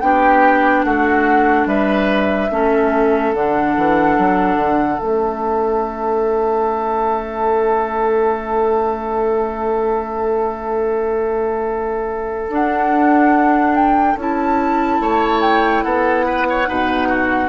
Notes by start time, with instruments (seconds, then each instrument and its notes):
0.00 bassoon B3, clarinet D4, oboe G4, flute G5
0.84 bassoon A3, oboe F#4, flute F#5
1.66 bassoon G3, oboe B4, flute E5
2.51 bassoon A3, clarinet C#4, oboe A4
3.34 bassoon D3, clarinet D4, flute F#5
3.77 bassoon E3
4.18 bassoon F#3
4.57 bassoon D3
4.99 bassoon A3, clarinet C#4, flute E5
12.49 bassoon D4, clarinet D4, flute F#5
13.76 flute G5
14.16 bassoon C#4, clarinet E4, flute A5
15.01 bassoon A3, oboe C#5
15.42 flute G5
15.84 bassoon B3, oboe A4, flute F#5
16.26 oboe B4
16.50 oboe C#5
16.66 bassoon B2, clarinet D#4, oboe B4
17.09 oboe F#4